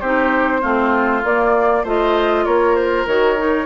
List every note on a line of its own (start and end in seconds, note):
0.00 0.63 C4
0.00 0.61 D#4
0.00 0.61 G4
0.00 1.22 C5
0.61 1.23 A3
0.61 1.22 C4
0.61 1.83 F4
1.23 1.84 A#3
1.23 1.85 A#3
1.23 1.86 D5
1.83 2.45 A3
1.83 3.08 F4
1.83 2.45 C5
1.83 2.45 D#5
2.45 3.06 A#3
2.45 3.65 A#4
2.45 2.75 C#5
2.75 3.06 C5
3.06 3.65 D#3
3.06 3.37 F#4
3.06 3.65 C#5
3.37 3.65 D#4